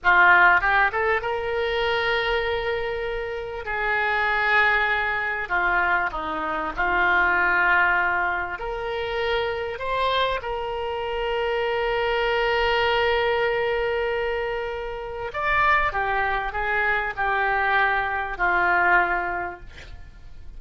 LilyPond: \new Staff \with { instrumentName = "oboe" } { \time 4/4 \tempo 4 = 98 f'4 g'8 a'8 ais'2~ | ais'2 gis'2~ | gis'4 f'4 dis'4 f'4~ | f'2 ais'2 |
c''4 ais'2.~ | ais'1~ | ais'4 d''4 g'4 gis'4 | g'2 f'2 | }